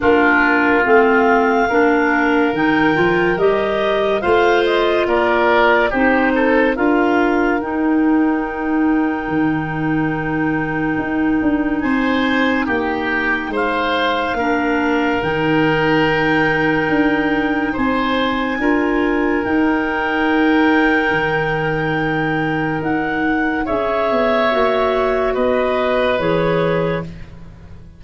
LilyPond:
<<
  \new Staff \with { instrumentName = "clarinet" } { \time 4/4 \tempo 4 = 71 ais'4 f''2 g''4 | dis''4 f''8 dis''8 d''4 c''4 | f''4 g''2.~ | g''2 gis''4 g''4 |
f''2 g''2~ | g''4 gis''2 g''4~ | g''2. fis''4 | e''2 dis''4 cis''4 | }
  \new Staff \with { instrumentName = "oboe" } { \time 4/4 f'2 ais'2~ | ais'4 c''4 ais'4 g'8 a'8 | ais'1~ | ais'2 c''4 g'4 |
c''4 ais'2.~ | ais'4 c''4 ais'2~ | ais'1 | cis''2 b'2 | }
  \new Staff \with { instrumentName = "clarinet" } { \time 4/4 d'4 c'4 d'4 dis'8 f'8 | g'4 f'2 dis'4 | f'4 dis'2.~ | dis'1~ |
dis'4 d'4 dis'2~ | dis'2 f'4 dis'4~ | dis'1 | gis'4 fis'2 gis'4 | }
  \new Staff \with { instrumentName = "tuba" } { \time 4/4 ais4 a4 ais4 dis8 f8 | g4 a4 ais4 c'4 | d'4 dis'2 dis4~ | dis4 dis'8 d'8 c'4 ais4 |
gis4 ais4 dis2 | d'4 c'4 d'4 dis'4~ | dis'4 dis2 dis'4 | cis'8 b8 ais4 b4 e4 | }
>>